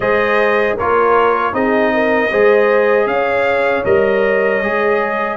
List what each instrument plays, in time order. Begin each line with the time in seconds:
0.00 tuba G#3, trombone G#4, horn C5, trumpet D#5
0.76 tuba A#3, trombone F4, horn A#4, trumpet C#5
1.53 tuba C4, trombone D#4, horn G#4, trumpet D#5
1.93 horn A#4
2.30 tuba G#3, trombone G#4, horn C5
3.06 tuba C#4, horn C#5, trumpet F5
3.84 tuba G3, trombone A#4, trumpet D#5
4.62 tuba G#3, trombone G#4